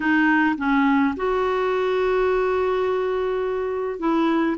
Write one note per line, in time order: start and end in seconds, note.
0.00 0.55 D#4
0.57 1.14 C#4
1.16 3.99 F#4
3.99 4.56 E4